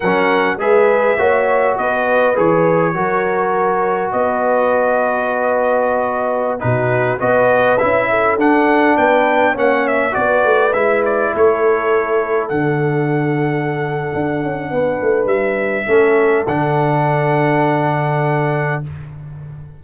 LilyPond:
<<
  \new Staff \with { instrumentName = "trumpet" } { \time 4/4 \tempo 4 = 102 fis''4 e''2 dis''4 | cis''2. dis''4~ | dis''2.~ dis''16 b'8.~ | b'16 dis''4 e''4 fis''4 g''8.~ |
g''16 fis''8 e''8 d''4 e''8 d''8 cis''8.~ | cis''4~ cis''16 fis''2~ fis''8.~ | fis''2 e''2 | fis''1 | }
  \new Staff \with { instrumentName = "horn" } { \time 4/4 ais'4 b'4 cis''4 b'4~ | b'4 ais'2 b'4~ | b'2.~ b'16 fis'8.~ | fis'16 b'4. a'4. b'8.~ |
b'16 cis''4 b'2 a'8.~ | a'1~ | a'4 b'2 a'4~ | a'1 | }
  \new Staff \with { instrumentName = "trombone" } { \time 4/4 cis'4 gis'4 fis'2 | gis'4 fis'2.~ | fis'2.~ fis'16 dis'8.~ | dis'16 fis'4 e'4 d'4.~ d'16~ |
d'16 cis'4 fis'4 e'4.~ e'16~ | e'4~ e'16 d'2~ d'8.~ | d'2. cis'4 | d'1 | }
  \new Staff \with { instrumentName = "tuba" } { \time 4/4 fis4 gis4 ais4 b4 | e4 fis2 b4~ | b2.~ b16 b,8.~ | b,16 b4 cis'4 d'4 b8.~ |
b16 ais4 b8 a8 gis4 a8.~ | a4~ a16 d2~ d8. | d'8 cis'8 b8 a8 g4 a4 | d1 | }
>>